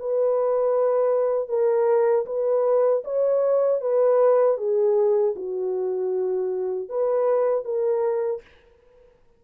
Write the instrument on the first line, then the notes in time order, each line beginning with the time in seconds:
horn
0.00 B4
1.49 A#4
2.26 B4
3.05 C#5
3.81 B4
4.58 G#4
5.36 F#4
6.90 B4
7.65 A#4